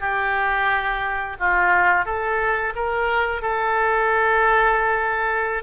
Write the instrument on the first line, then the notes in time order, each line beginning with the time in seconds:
oboe
0.00 G4
1.39 F4
2.05 A4
2.75 A#4
3.42 A4